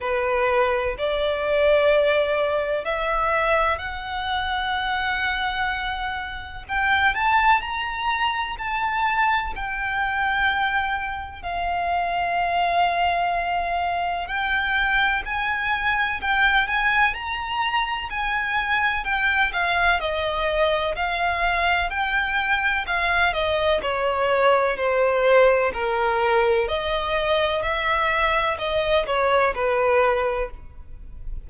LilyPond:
\new Staff \with { instrumentName = "violin" } { \time 4/4 \tempo 4 = 63 b'4 d''2 e''4 | fis''2. g''8 a''8 | ais''4 a''4 g''2 | f''2. g''4 |
gis''4 g''8 gis''8 ais''4 gis''4 | g''8 f''8 dis''4 f''4 g''4 | f''8 dis''8 cis''4 c''4 ais'4 | dis''4 e''4 dis''8 cis''8 b'4 | }